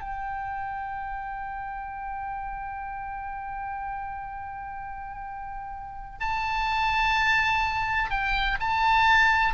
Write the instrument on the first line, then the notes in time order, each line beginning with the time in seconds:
oboe
0.00 G5
6.20 A5
8.10 G5
8.60 A5